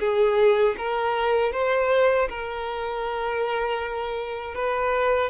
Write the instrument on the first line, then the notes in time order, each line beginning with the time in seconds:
violin
0.00 G#4
0.78 A#4
1.53 C5
2.30 A#4
4.55 B4